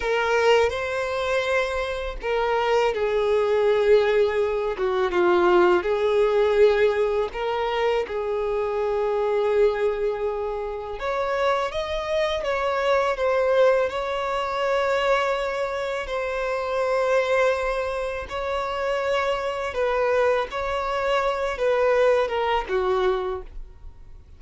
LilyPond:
\new Staff \with { instrumentName = "violin" } { \time 4/4 \tempo 4 = 82 ais'4 c''2 ais'4 | gis'2~ gis'8 fis'8 f'4 | gis'2 ais'4 gis'4~ | gis'2. cis''4 |
dis''4 cis''4 c''4 cis''4~ | cis''2 c''2~ | c''4 cis''2 b'4 | cis''4. b'4 ais'8 fis'4 | }